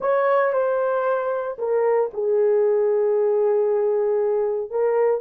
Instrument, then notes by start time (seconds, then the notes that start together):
horn
0.00 C#5
0.52 C5
1.58 A#4
2.13 G#4
4.70 A#4